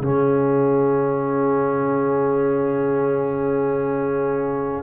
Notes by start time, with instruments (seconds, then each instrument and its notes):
0.00 tuba C#3, trombone C#4, horn G#4, trumpet F5